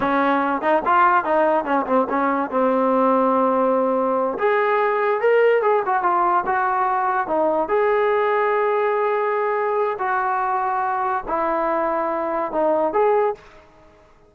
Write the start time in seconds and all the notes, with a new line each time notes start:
0.00 C#4
0.61 D#4
0.85 F4
1.24 D#4
1.64 C#4
1.86 C4
2.09 C#4
2.50 C4
4.38 G#4
5.20 A#4
5.62 G#4
5.85 F#4
6.02 F4
6.45 F#4
7.27 D#4
7.68 G#4
9.98 F#4
11.28 E4
12.52 D#4
12.93 G#4